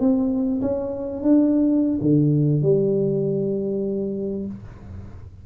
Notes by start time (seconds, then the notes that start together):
0.00 C4
0.62 C#4
1.23 D4
2.01 D3
2.62 G3